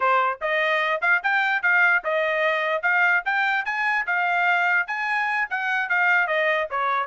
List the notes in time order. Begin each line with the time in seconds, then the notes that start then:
0.00 C5
0.41 D#5
1.01 F5
1.23 G5
1.62 F5
2.04 D#5
2.82 F5
3.25 G5
3.65 G#5
4.06 F5
4.87 G#5
5.50 F#5
5.89 F5
6.27 D#5
6.70 C#5